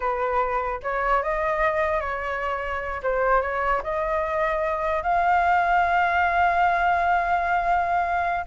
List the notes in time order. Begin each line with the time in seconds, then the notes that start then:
0.00 B4
0.83 C#5
1.22 D#5
2.00 C#5
3.03 C5
3.41 C#5
3.83 D#5
5.02 F5